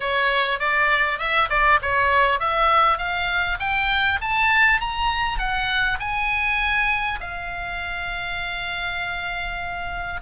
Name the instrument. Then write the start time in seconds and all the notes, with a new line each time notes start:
oboe
0.00 C#5
0.59 D5
1.18 E5
1.49 D5
1.82 C#5
2.39 E5
2.98 F5
3.59 G5
4.21 A5
4.80 A#5
5.38 F#5
5.99 G#5
7.20 F5